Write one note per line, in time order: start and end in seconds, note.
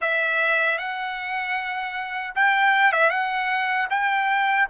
0.01 0.78 E5
0.78 2.33 F#5
2.35 2.92 G5
2.92 3.10 E5
3.10 3.87 F#5
3.90 4.68 G5